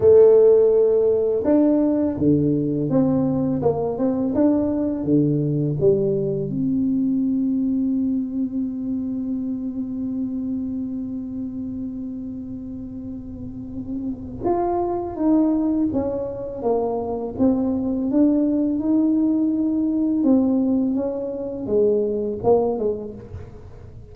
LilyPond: \new Staff \with { instrumentName = "tuba" } { \time 4/4 \tempo 4 = 83 a2 d'4 d4 | c'4 ais8 c'8 d'4 d4 | g4 c'2.~ | c'1~ |
c'1 | f'4 dis'4 cis'4 ais4 | c'4 d'4 dis'2 | c'4 cis'4 gis4 ais8 gis8 | }